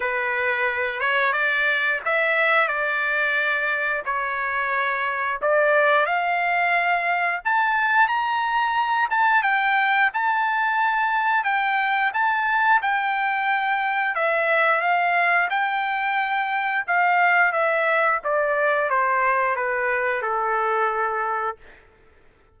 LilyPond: \new Staff \with { instrumentName = "trumpet" } { \time 4/4 \tempo 4 = 89 b'4. cis''8 d''4 e''4 | d''2 cis''2 | d''4 f''2 a''4 | ais''4. a''8 g''4 a''4~ |
a''4 g''4 a''4 g''4~ | g''4 e''4 f''4 g''4~ | g''4 f''4 e''4 d''4 | c''4 b'4 a'2 | }